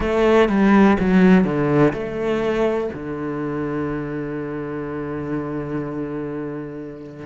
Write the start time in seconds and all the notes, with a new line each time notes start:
0.00 A3
0.48 G3
0.99 F#3
1.44 D3
1.93 A3
2.93 D3